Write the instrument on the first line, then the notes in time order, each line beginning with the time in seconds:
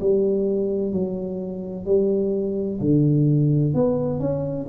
tuba
0.00 G3
0.92 F#3
1.85 G3
2.80 D3
3.74 B3
4.19 C#4